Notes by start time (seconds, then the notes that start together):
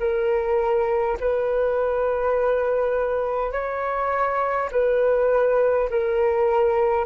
0.00 A#4
1.20 B4
3.52 C#5
4.72 B4
5.90 A#4